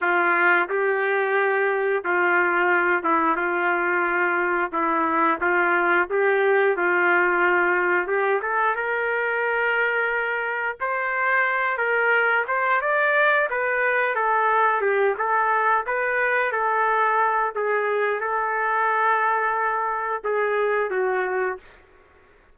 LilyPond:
\new Staff \with { instrumentName = "trumpet" } { \time 4/4 \tempo 4 = 89 f'4 g'2 f'4~ | f'8 e'8 f'2 e'4 | f'4 g'4 f'2 | g'8 a'8 ais'2. |
c''4. ais'4 c''8 d''4 | b'4 a'4 g'8 a'4 b'8~ | b'8 a'4. gis'4 a'4~ | a'2 gis'4 fis'4 | }